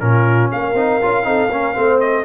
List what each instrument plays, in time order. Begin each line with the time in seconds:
0.00 tuba A#2, trombone C#4, horn F4, trumpet A#4
0.52 tuba A#3, horn A#4, trumpet F5
0.74 tuba C4, trombone D#4
1.02 tuba C#4, trombone F4
1.24 tuba C4, trombone D#4, horn A4
1.50 tuba A#3, trombone C#4, horn A#4
1.74 tuba A3, trombone C4, horn C5
2.00 trumpet D#5